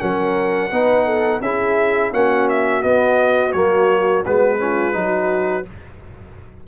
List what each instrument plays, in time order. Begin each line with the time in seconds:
0.00 tuba F#3, trombone C#4, horn A#4, trumpet F#5
0.71 tuba B3, trombone D#4, horn B4
1.06 horn A4
1.41 tuba C#4, trombone E4, horn G#4, trumpet E5
2.13 tuba A#3, trombone C#4, horn F#4, trumpet F#5
2.50 trumpet E5
2.83 trombone B3, tuba B3, trumpet D#5
3.53 tuba F#3, trombone A#3, trumpet C#5
4.26 tuba G#3, trombone B3, trumpet B4
4.59 trombone C#4, horn F4
4.93 tuba F#3, trombone D#4, horn F#4